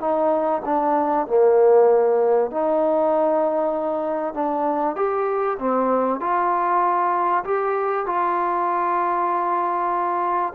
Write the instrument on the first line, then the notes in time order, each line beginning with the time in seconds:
trombone
0.00 D#4
0.65 D4
1.27 A#3
2.51 D#4
4.34 D4
4.96 G4
5.59 C4
6.20 F4
7.44 G4
8.06 F4